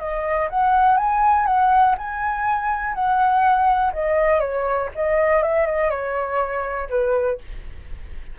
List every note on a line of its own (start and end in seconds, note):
0.00 0.49 D#5
0.50 0.98 F#5
0.98 1.47 G#5
1.47 1.96 F#5
1.98 2.95 G#5
2.95 3.93 F#5
3.93 4.40 D#5
4.40 4.90 C#5
4.95 5.43 D#5
5.43 5.67 E5
5.67 5.91 D#5
5.91 6.89 C#5
6.90 7.39 B4